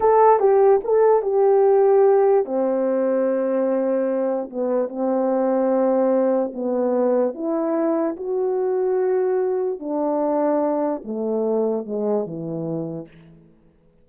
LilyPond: \new Staff \with { instrumentName = "horn" } { \time 4/4 \tempo 4 = 147 a'4 g'4 a'4 g'4~ | g'2 c'2~ | c'2. b4 | c'1 |
b2 e'2 | fis'1 | d'2. a4~ | a4 gis4 e2 | }